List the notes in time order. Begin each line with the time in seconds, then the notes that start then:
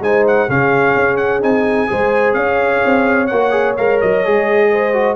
0.00 G#3 D#4 C5 G#5
0.27 F#5
0.48 C#3 C#4 G#4 F5
0.96 C#4
1.17 F#5
1.41 C4 D#4 G#5
1.87 G#3 G#4 C5
2.33 C#4 C#5 F5
2.85 C4
3.27 A#3 F#4 F#5
3.51 G#4
3.77 G#3 A#4 F5
4.01 F#3 D#5
4.25 G#3 G#4
4.72 C5
4.93 F#4